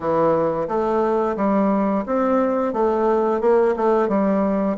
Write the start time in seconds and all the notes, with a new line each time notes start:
0.00 E3
0.68 A3
1.36 G3
2.06 C4
2.73 A3
3.41 A#3
3.76 A3
4.08 G3